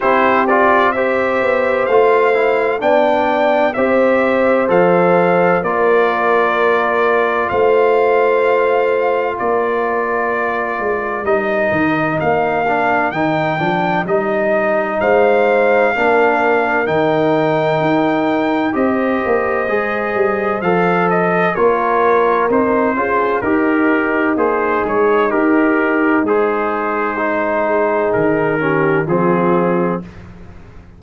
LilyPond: <<
  \new Staff \with { instrumentName = "trumpet" } { \time 4/4 \tempo 4 = 64 c''8 d''8 e''4 f''4 g''4 | e''4 f''4 d''2 | f''2 d''2 | dis''4 f''4 g''4 dis''4 |
f''2 g''2 | dis''2 f''8 dis''8 cis''4 | c''4 ais'4 c''8 cis''8 ais'4 | c''2 ais'4 gis'4 | }
  \new Staff \with { instrumentName = "horn" } { \time 4/4 g'4 c''2 d''4 | c''2 ais'2 | c''2 ais'2~ | ais'1 |
c''4 ais'2. | c''2. ais'4~ | ais'8 gis'8 dis'2.~ | dis'4. gis'4 g'8 f'4 | }
  \new Staff \with { instrumentName = "trombone" } { \time 4/4 e'8 f'8 g'4 f'8 e'8 d'4 | g'4 a'4 f'2~ | f'1 | dis'4. d'8 dis'8 d'8 dis'4~ |
dis'4 d'4 dis'2 | g'4 gis'4 a'4 f'4 | dis'8 f'8 g'4 gis'4 g'4 | gis'4 dis'4. cis'8 c'4 | }
  \new Staff \with { instrumentName = "tuba" } { \time 4/4 c'4. b8 a4 b4 | c'4 f4 ais2 | a2 ais4. gis8 | g8 dis8 ais4 dis8 f8 g4 |
gis4 ais4 dis4 dis'4 | c'8 ais8 gis8 g8 f4 ais4 | c'8 cis'8 dis'4 ais8 gis8 dis'4 | gis2 dis4 f4 | }
>>